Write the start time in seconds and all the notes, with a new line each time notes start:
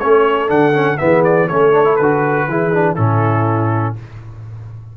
0.00 A3 C#4 A4 C#5
0.48 D3 D4 F#5
0.73 C#4
0.98 E3 B3 G#4 E5
1.25 D5
1.48 A3 C#4 A4 C#5
1.73 D4
1.85 E4
1.96 D3 F#4 B4
2.48 E3 E4 G#4
2.73 D4
2.95 A2 C#4 E4 A4